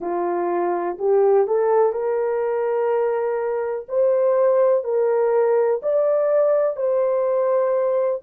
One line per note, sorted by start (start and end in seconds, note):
0.00 0.97 F4
0.99 1.47 G4
1.47 1.92 A4
1.92 3.86 A#4
3.88 4.84 C5
4.84 5.81 A#4
5.82 6.76 D5
6.76 8.21 C5